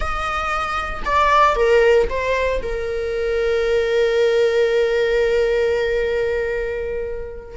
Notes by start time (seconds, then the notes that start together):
0.00 D#5
1.05 D5
1.55 A#4
2.09 C5
2.62 A#4